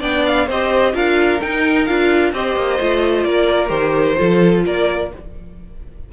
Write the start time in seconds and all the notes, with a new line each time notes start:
0.00 B3 D4 D5 G5
0.26 F5
0.46 C4 G4 C5 D#5
0.93 D4 F4 A#4 F5
1.41 D#4 G5
1.86 D4 F4 F5
2.32 C4 G4 C5 D#5
2.56 A#3
2.79 A3 F4
3.24 A#3 A#4 D5
3.68 D#3 G4 C5
4.16 F3 F4 A4
4.65 A#3 A#4 D5